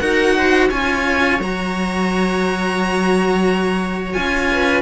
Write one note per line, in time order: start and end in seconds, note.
0.00 0.70 D#4
0.00 0.71 F#4
0.00 0.36 A#4
0.00 0.69 F#5
0.38 0.70 C5
0.70 1.40 C#4
0.70 1.41 F4
0.70 4.50 C#5
0.70 1.40 G#5
1.40 4.16 F#3
1.40 4.15 F#4
1.40 4.13 A#5
4.13 4.82 C#4
4.13 4.82 F4
4.13 4.82 G#5
4.52 4.82 B4